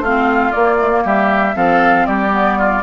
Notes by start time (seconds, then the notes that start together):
0.00 A3 C4 F4 F5
0.52 A#3 D5
0.79 A3
0.90 A#3
1.04 G3 G4 E5
1.55 F3 C4 A4 F5
2.06 G3 G4 D5
2.31 B3
2.58 F4